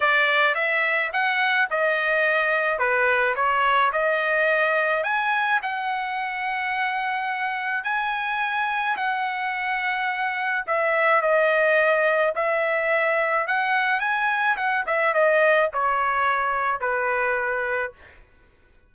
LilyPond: \new Staff \with { instrumentName = "trumpet" } { \time 4/4 \tempo 4 = 107 d''4 e''4 fis''4 dis''4~ | dis''4 b'4 cis''4 dis''4~ | dis''4 gis''4 fis''2~ | fis''2 gis''2 |
fis''2. e''4 | dis''2 e''2 | fis''4 gis''4 fis''8 e''8 dis''4 | cis''2 b'2 | }